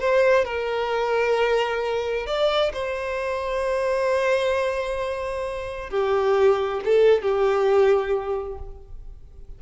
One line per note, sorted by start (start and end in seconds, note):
0.00 0.45 C5
0.45 2.26 A#4
2.26 2.72 D5
2.73 5.90 C5
5.90 6.81 G4
6.85 7.22 A4
7.22 8.58 G4